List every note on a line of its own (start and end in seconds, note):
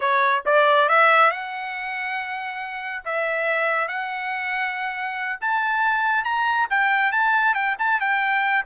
0.00 0.43 C#5
0.45 0.88 D5
0.88 1.30 E5
1.30 3.03 F#5
3.04 3.88 E5
3.88 5.39 F#5
5.41 6.24 A5
6.24 6.67 A#5
6.69 7.12 G5
7.12 7.54 A5
7.54 7.75 G5
7.78 8.00 A5
8.00 8.65 G5